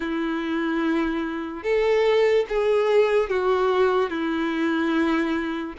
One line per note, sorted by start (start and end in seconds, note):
0.00 1.63 E4
1.63 2.45 A4
2.48 3.29 G#4
3.29 4.09 F#4
4.09 5.74 E4